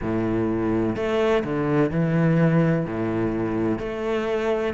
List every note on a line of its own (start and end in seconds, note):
0.01 0.95 A2
0.95 1.43 A3
1.43 1.90 D3
1.90 2.85 E3
2.85 3.78 A2
3.78 4.74 A3